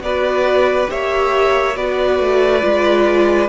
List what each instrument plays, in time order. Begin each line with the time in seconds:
0.00 cello B3, viola F#4, violin B4 D5
0.87 cello A#3, viola G4, violin C#5 E5
1.77 cello B3, viola F#4, violin B4 D5
2.19 cello A3
2.61 cello G#3, viola F4